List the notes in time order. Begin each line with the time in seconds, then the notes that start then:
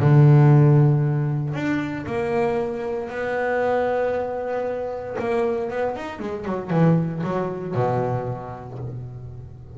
0.00 D3
1.53 D4
2.06 A#3
3.09 B3
5.18 A#3
5.70 B3
5.96 D#4
6.19 G#3
6.44 F#3
6.70 E3
7.23 F#3
7.74 B2